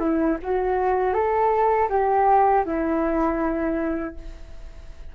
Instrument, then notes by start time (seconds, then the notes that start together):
flute
0.00 E4
0.43 F#4
1.14 A4
1.90 G4
2.66 E4